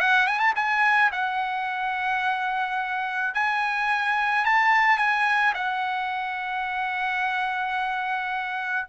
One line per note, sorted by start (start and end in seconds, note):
0.00 0.27 F#5
0.27 0.39 G#5
0.39 0.53 A5
0.55 1.11 G#5
1.12 3.34 F#5
3.34 4.45 G#5
4.45 4.97 A5
4.97 5.53 G#5
5.54 8.87 F#5